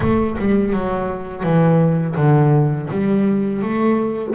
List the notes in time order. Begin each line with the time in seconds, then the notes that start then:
0.00 A3
0.38 G3
0.73 F#3
1.43 E3
2.16 D3
2.90 G3
3.62 A3